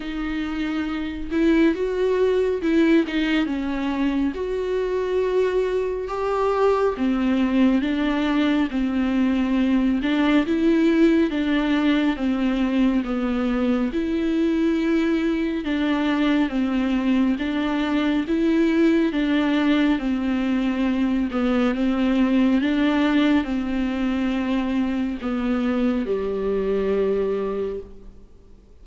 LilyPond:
\new Staff \with { instrumentName = "viola" } { \time 4/4 \tempo 4 = 69 dis'4. e'8 fis'4 e'8 dis'8 | cis'4 fis'2 g'4 | c'4 d'4 c'4. d'8 | e'4 d'4 c'4 b4 |
e'2 d'4 c'4 | d'4 e'4 d'4 c'4~ | c'8 b8 c'4 d'4 c'4~ | c'4 b4 g2 | }